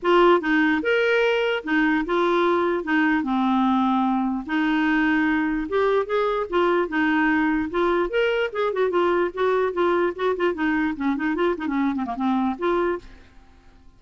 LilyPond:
\new Staff \with { instrumentName = "clarinet" } { \time 4/4 \tempo 4 = 148 f'4 dis'4 ais'2 | dis'4 f'2 dis'4 | c'2. dis'4~ | dis'2 g'4 gis'4 |
f'4 dis'2 f'4 | ais'4 gis'8 fis'8 f'4 fis'4 | f'4 fis'8 f'8 dis'4 cis'8 dis'8 | f'8 dis'16 cis'8. c'16 ais16 c'4 f'4 | }